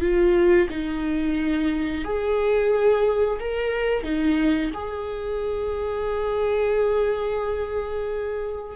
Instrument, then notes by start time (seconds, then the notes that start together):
viola
0.00 F4
0.69 D#4
2.04 G#4
3.39 A#4
4.03 D#4
4.73 G#4